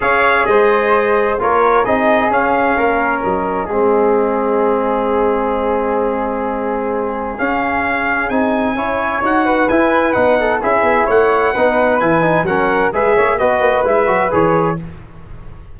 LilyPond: <<
  \new Staff \with { instrumentName = "trumpet" } { \time 4/4 \tempo 4 = 130 f''4 dis''2 cis''4 | dis''4 f''2 dis''4~ | dis''1~ | dis''1 |
f''2 gis''2 | fis''4 gis''4 fis''4 e''4 | fis''2 gis''4 fis''4 | e''4 dis''4 e''4 cis''4 | }
  \new Staff \with { instrumentName = "flute" } { \time 4/4 cis''4 c''2 ais'4 | gis'2 ais'2 | gis'1~ | gis'1~ |
gis'2. cis''4~ | cis''8 b'2 a'8 gis'4 | cis''4 b'2 ais'4 | b'8 cis''8 b'2. | }
  \new Staff \with { instrumentName = "trombone" } { \time 4/4 gis'2. f'4 | dis'4 cis'2. | c'1~ | c'1 |
cis'2 dis'4 e'4 | fis'4 e'4 dis'4 e'4~ | e'4 dis'4 e'8 dis'8 cis'4 | gis'4 fis'4 e'8 fis'8 gis'4 | }
  \new Staff \with { instrumentName = "tuba" } { \time 4/4 cis'4 gis2 ais4 | c'4 cis'4 ais4 fis4 | gis1~ | gis1 |
cis'2 c'4 cis'4 | dis'4 e'4 b4 cis'8 b8 | a4 b4 e4 fis4 | gis8 ais8 b8 ais8 gis8 fis8 e4 | }
>>